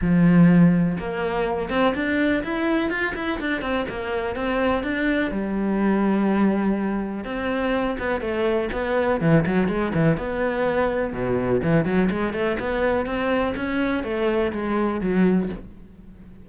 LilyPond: \new Staff \with { instrumentName = "cello" } { \time 4/4 \tempo 4 = 124 f2 ais4. c'8 | d'4 e'4 f'8 e'8 d'8 c'8 | ais4 c'4 d'4 g4~ | g2. c'4~ |
c'8 b8 a4 b4 e8 fis8 | gis8 e8 b2 b,4 | e8 fis8 gis8 a8 b4 c'4 | cis'4 a4 gis4 fis4 | }